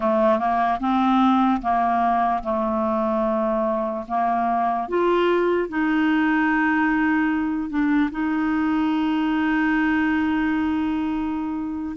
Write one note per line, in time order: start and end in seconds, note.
0.00 0.39 A3
0.39 0.79 A#3
0.80 1.61 C4
1.61 2.43 A#3
2.43 4.05 A3
4.08 4.88 A#3
4.88 5.69 F4
5.69 7.69 D#4
7.69 8.10 D4
8.11 11.96 D#4